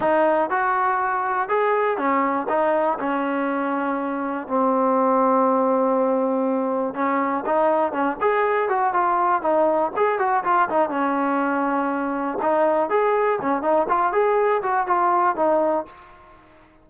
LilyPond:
\new Staff \with { instrumentName = "trombone" } { \time 4/4 \tempo 4 = 121 dis'4 fis'2 gis'4 | cis'4 dis'4 cis'2~ | cis'4 c'2.~ | c'2 cis'4 dis'4 |
cis'8 gis'4 fis'8 f'4 dis'4 | gis'8 fis'8 f'8 dis'8 cis'2~ | cis'4 dis'4 gis'4 cis'8 dis'8 | f'8 gis'4 fis'8 f'4 dis'4 | }